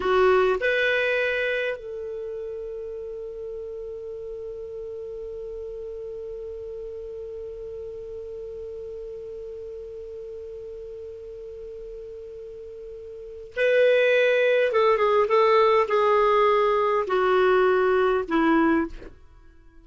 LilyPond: \new Staff \with { instrumentName = "clarinet" } { \time 4/4 \tempo 4 = 102 fis'4 b'2 a'4~ | a'1~ | a'1~ | a'1~ |
a'1~ | a'2. b'4~ | b'4 a'8 gis'8 a'4 gis'4~ | gis'4 fis'2 e'4 | }